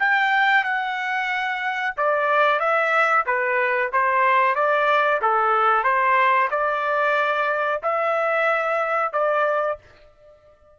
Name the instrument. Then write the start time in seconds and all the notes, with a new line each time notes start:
trumpet
0.00 G5
0.65 F#5
1.97 D5
2.60 E5
3.26 B4
3.93 C5
4.56 D5
5.22 A4
5.84 C5
6.51 D5
7.83 E5
9.13 D5